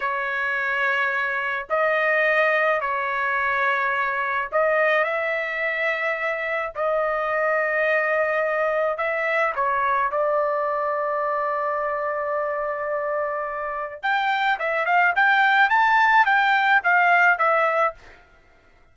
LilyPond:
\new Staff \with { instrumentName = "trumpet" } { \time 4/4 \tempo 4 = 107 cis''2. dis''4~ | dis''4 cis''2. | dis''4 e''2. | dis''1 |
e''4 cis''4 d''2~ | d''1~ | d''4 g''4 e''8 f''8 g''4 | a''4 g''4 f''4 e''4 | }